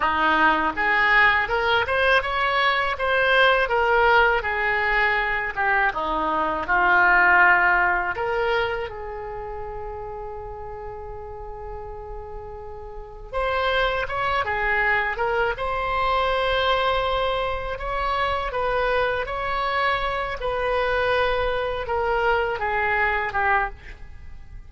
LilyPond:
\new Staff \with { instrumentName = "oboe" } { \time 4/4 \tempo 4 = 81 dis'4 gis'4 ais'8 c''8 cis''4 | c''4 ais'4 gis'4. g'8 | dis'4 f'2 ais'4 | gis'1~ |
gis'2 c''4 cis''8 gis'8~ | gis'8 ais'8 c''2. | cis''4 b'4 cis''4. b'8~ | b'4. ais'4 gis'4 g'8 | }